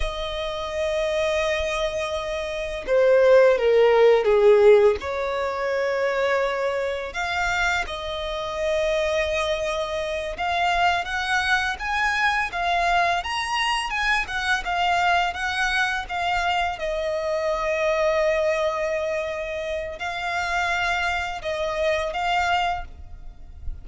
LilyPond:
\new Staff \with { instrumentName = "violin" } { \time 4/4 \tempo 4 = 84 dis''1 | c''4 ais'4 gis'4 cis''4~ | cis''2 f''4 dis''4~ | dis''2~ dis''8 f''4 fis''8~ |
fis''8 gis''4 f''4 ais''4 gis''8 | fis''8 f''4 fis''4 f''4 dis''8~ | dis''1 | f''2 dis''4 f''4 | }